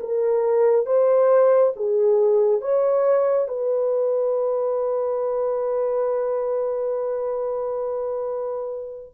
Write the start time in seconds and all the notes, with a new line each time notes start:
0.00 A#4
0.86 C5
1.76 G#4
2.61 C#5
3.48 B4